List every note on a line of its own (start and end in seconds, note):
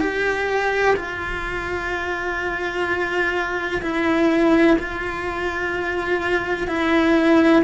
0.00 0.95 G4
0.96 3.81 F4
3.82 4.77 E4
4.79 6.68 F4
6.68 7.63 E4